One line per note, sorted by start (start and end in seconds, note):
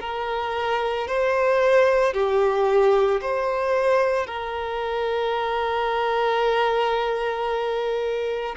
0.00 1.07 A#4
1.07 2.13 C5
2.13 3.20 G4
3.21 4.27 C5
4.27 8.55 A#4